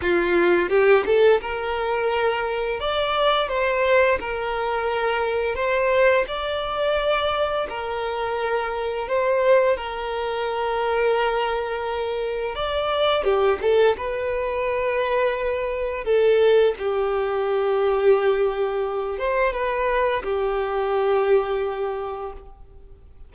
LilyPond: \new Staff \with { instrumentName = "violin" } { \time 4/4 \tempo 4 = 86 f'4 g'8 a'8 ais'2 | d''4 c''4 ais'2 | c''4 d''2 ais'4~ | ais'4 c''4 ais'2~ |
ais'2 d''4 g'8 a'8 | b'2. a'4 | g'2.~ g'8 c''8 | b'4 g'2. | }